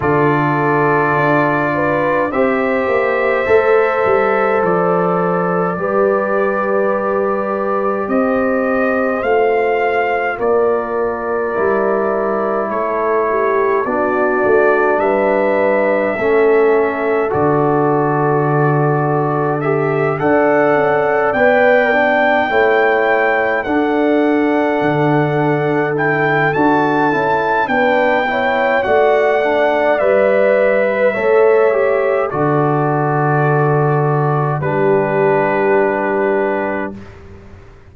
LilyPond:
<<
  \new Staff \with { instrumentName = "trumpet" } { \time 4/4 \tempo 4 = 52 d''2 e''2 | d''2. dis''4 | f''4 d''2 cis''4 | d''4 e''2 d''4~ |
d''4 e''8 fis''4 g''4.~ | g''8 fis''2 g''8 a''4 | g''4 fis''4 e''2 | d''2 b'2 | }
  \new Staff \with { instrumentName = "horn" } { \time 4/4 a'4. b'8 c''2~ | c''4 b'2 c''4~ | c''4 ais'2 a'8 g'8 | fis'4 b'4 a'2~ |
a'4. d''2 cis''8~ | cis''8 a'2.~ a'8 | b'8 cis''8 d''4.~ d''16 b'16 cis''4 | a'2 g'2 | }
  \new Staff \with { instrumentName = "trombone" } { \time 4/4 f'2 g'4 a'4~ | a'4 g'2. | f'2 e'2 | d'2 cis'4 fis'4~ |
fis'4 g'8 a'4 b'8 d'8 e'8~ | e'8 d'2 e'8 fis'8 e'8 | d'8 e'8 fis'8 d'8 b'4 a'8 g'8 | fis'2 d'2 | }
  \new Staff \with { instrumentName = "tuba" } { \time 4/4 d4 d'4 c'8 ais8 a8 g8 | f4 g2 c'4 | a4 ais4 g4 a4 | b8 a8 g4 a4 d4~ |
d4. d'8 cis'8 b4 a8~ | a8 d'4 d4. d'8 cis'8 | b4 a4 g4 a4 | d2 g2 | }
>>